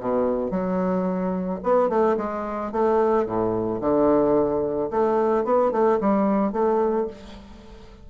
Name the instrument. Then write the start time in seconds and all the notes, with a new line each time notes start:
bassoon
0.00 B2
0.50 F#3
1.63 B3
1.89 A3
2.17 G#3
2.72 A3
3.26 A2
3.81 D3
4.90 A3
5.44 B3
5.71 A3
6.00 G3
6.52 A3